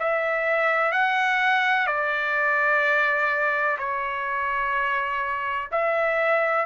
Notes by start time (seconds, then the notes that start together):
0.00 E5
0.93 F#5
1.87 D5
3.79 C#5
5.72 E5